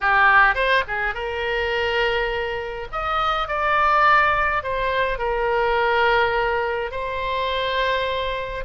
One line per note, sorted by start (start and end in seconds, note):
0.00 0.55 G4
0.55 0.83 C5
0.87 1.14 G#4
1.14 2.87 A#4
2.92 3.48 D#5
3.48 4.63 D5
4.63 5.18 C5
5.18 6.91 A#4
6.91 8.64 C5